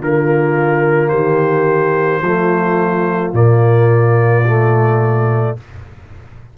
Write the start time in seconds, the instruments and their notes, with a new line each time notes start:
0.00 tuba D3, trombone A#3, horn F4, trumpet A#4
1.09 tuba D#3, horn G4, trumpet C5
2.21 tuba F3, trombone A3, horn F4
3.33 tuba A#2, trombone A#3, trumpet D5
4.46 trombone A3